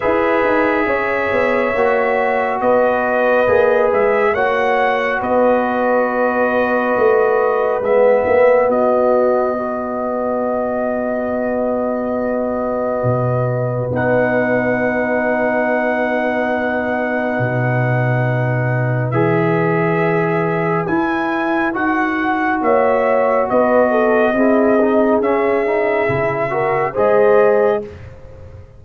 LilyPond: <<
  \new Staff \with { instrumentName = "trumpet" } { \time 4/4 \tempo 4 = 69 e''2. dis''4~ | dis''8 e''8 fis''4 dis''2~ | dis''4 e''4 dis''2~ | dis''1 |
fis''1~ | fis''2 e''2 | gis''4 fis''4 e''4 dis''4~ | dis''4 e''2 dis''4 | }
  \new Staff \with { instrumentName = "horn" } { \time 4/4 b'4 cis''2 b'4~ | b'4 cis''4 b'2~ | b'2 fis'4 b'4~ | b'1~ |
b'1~ | b'1~ | b'2 cis''4 b'8 a'8 | gis'2~ gis'8 ais'8 c''4 | }
  \new Staff \with { instrumentName = "trombone" } { \time 4/4 gis'2 fis'2 | gis'4 fis'2.~ | fis'4 b2 fis'4~ | fis'1 |
dis'1~ | dis'2 gis'2 | e'4 fis'2. | e'8 dis'8 cis'8 dis'8 e'8 fis'8 gis'4 | }
  \new Staff \with { instrumentName = "tuba" } { \time 4/4 e'8 dis'8 cis'8 b8 ais4 b4 | ais8 gis8 ais4 b2 | a4 gis8 ais8 b2~ | b2. b,4 |
b1 | b,2 e2 | e'4 dis'4 ais4 b4 | c'4 cis'4 cis4 gis4 | }
>>